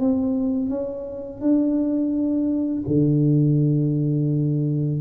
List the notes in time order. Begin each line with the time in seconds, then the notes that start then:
0.00 C4
0.70 C#4
1.41 D4
2.87 D3